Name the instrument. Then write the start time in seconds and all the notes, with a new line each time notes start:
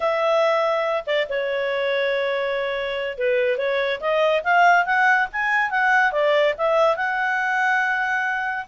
clarinet
0.00 E5
1.06 D5
1.29 C#5
3.18 B4
3.57 C#5
4.00 D#5
4.43 F5
4.85 F#5
5.32 G#5
5.70 F#5
6.12 D5
6.57 E5
6.96 F#5